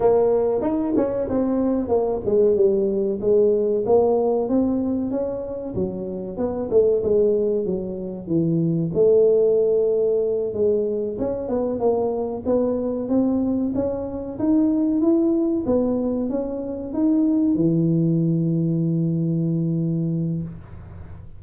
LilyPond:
\new Staff \with { instrumentName = "tuba" } { \time 4/4 \tempo 4 = 94 ais4 dis'8 cis'8 c'4 ais8 gis8 | g4 gis4 ais4 c'4 | cis'4 fis4 b8 a8 gis4 | fis4 e4 a2~ |
a8 gis4 cis'8 b8 ais4 b8~ | b8 c'4 cis'4 dis'4 e'8~ | e'8 b4 cis'4 dis'4 e8~ | e1 | }